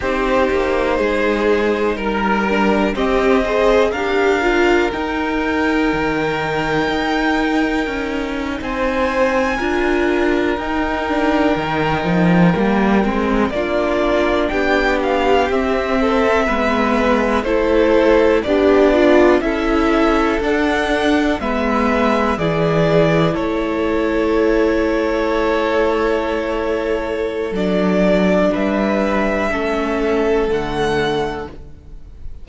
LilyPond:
<<
  \new Staff \with { instrumentName = "violin" } { \time 4/4 \tempo 4 = 61 c''2 ais'4 dis''4 | f''4 g''2.~ | g''8. gis''2 g''4~ g''16~ | g''4.~ g''16 d''4 g''8 f''8 e''16~ |
e''4.~ e''16 c''4 d''4 e''16~ | e''8. fis''4 e''4 d''4 cis''16~ | cis''1 | d''4 e''2 fis''4 | }
  \new Staff \with { instrumentName = "violin" } { \time 4/4 g'4 gis'4 ais'4 g'8 c''8 | ais'1~ | ais'8. c''4 ais'2~ ais'16~ | ais'4.~ ais'16 f'4 g'4~ g'16~ |
g'16 a'8 b'4 a'4 d'4 a'16~ | a'4.~ a'16 b'4 gis'4 a'16~ | a'1~ | a'4 b'4 a'2 | }
  \new Staff \with { instrumentName = "viola" } { \time 4/4 dis'2~ dis'8 d'8 c'8 gis'8 | g'8 f'8 dis'2.~ | dis'4.~ dis'16 f'4 dis'8 d'8 dis'16~ | dis'8. ais8 c'8 d'2 c'16~ |
c'8. b4 e'4 g'8 f'8 e'16~ | e'8. d'4 b4 e'4~ e'16~ | e'1 | d'2 cis'4 a4 | }
  \new Staff \with { instrumentName = "cello" } { \time 4/4 c'8 ais8 gis4 g4 c'4 | d'4 dis'4 dis4 dis'4 | cis'8. c'4 d'4 dis'4 dis16~ | dis16 f8 g8 gis8 ais4 b4 c'16~ |
c'8. gis4 a4 b4 cis'16~ | cis'8. d'4 gis4 e4 a16~ | a1 | fis4 g4 a4 d4 | }
>>